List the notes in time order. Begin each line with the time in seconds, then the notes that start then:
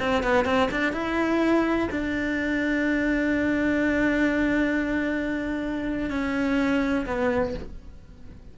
0.00 C4
0.23 B3
0.46 C4
0.71 D4
0.93 E4
1.91 D4
6.10 C#4
7.06 B3